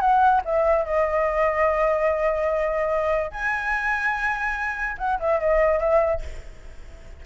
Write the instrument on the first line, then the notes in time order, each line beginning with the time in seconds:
flute
0.00 F#5
0.45 E5
0.85 D#5
3.31 G#5
4.98 F#5
5.20 E5
5.40 D#5
5.80 E5